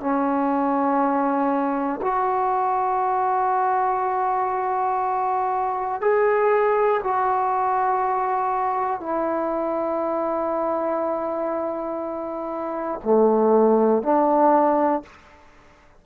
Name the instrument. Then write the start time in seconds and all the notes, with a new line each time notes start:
trombone
0.00 C#4
2.01 F#4
6.01 G#4
7.04 F#4
9.00 E4
13.04 A3
14.02 D4